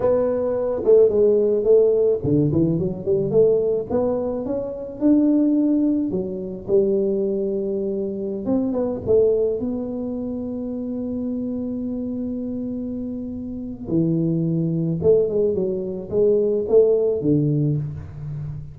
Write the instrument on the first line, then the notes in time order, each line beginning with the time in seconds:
tuba
0.00 B3
0.84 A3
1.09 G#3
1.64 A3
2.23 D3
2.52 E3
2.78 F#3
3.05 G3
3.30 A3
3.90 B3
4.45 C#4
5.00 D4
6.11 F#3
6.67 G3
8.45 C4
8.72 B3
9.06 A3
9.59 B3
13.88 E3
15.02 A3
15.29 G#3
15.54 F#3
16.10 G#3
16.68 A3
17.21 D3